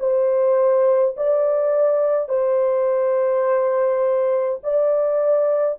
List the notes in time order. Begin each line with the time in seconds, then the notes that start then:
0.00 C5
1.17 D5
2.29 C5
4.64 D5